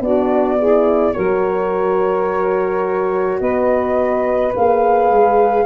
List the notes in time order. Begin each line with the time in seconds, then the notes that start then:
0.00 B3 D4 F#4 D5
0.59 E4 G#4
1.12 F#3 F#4 A#4 C#5
3.39 B3 B4 D#5
4.55 A#3 G#4 F5
5.10 G#3